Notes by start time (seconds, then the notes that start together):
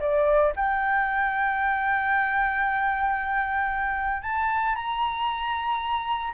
0.00 D5
0.56 G5
4.22 A5
4.75 A#5